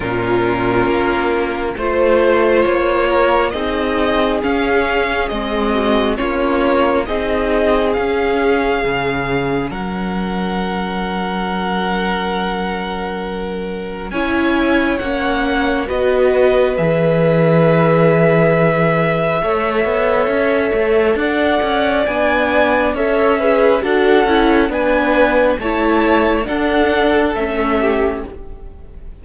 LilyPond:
<<
  \new Staff \with { instrumentName = "violin" } { \time 4/4 \tempo 4 = 68 ais'2 c''4 cis''4 | dis''4 f''4 dis''4 cis''4 | dis''4 f''2 fis''4~ | fis''1 |
gis''4 fis''4 dis''4 e''4~ | e''1 | fis''4 gis''4 e''4 fis''4 | gis''4 a''4 fis''4 e''4 | }
  \new Staff \with { instrumentName = "violin" } { \time 4/4 f'2 c''4. ais'8 | gis'2~ gis'8 fis'8 f'4 | gis'2. ais'4~ | ais'1 |
cis''2 b'2~ | b'2 cis''2 | d''2 cis''8 b'8 a'4 | b'4 cis''4 a'4. g'8 | }
  \new Staff \with { instrumentName = "viola" } { \time 4/4 cis'2 f'2 | dis'4 cis'4 c'4 cis'4 | dis'4 cis'2.~ | cis'1 |
e'4 cis'4 fis'4 gis'4~ | gis'2 a'2~ | a'4 d'4 a'8 gis'8 fis'8 e'8 | d'4 e'4 d'4 cis'4 | }
  \new Staff \with { instrumentName = "cello" } { \time 4/4 ais,4 ais4 a4 ais4 | c'4 cis'4 gis4 ais4 | c'4 cis'4 cis4 fis4~ | fis1 |
cis'4 ais4 b4 e4~ | e2 a8 b8 cis'8 a8 | d'8 cis'8 b4 cis'4 d'8 cis'8 | b4 a4 d'4 a4 | }
>>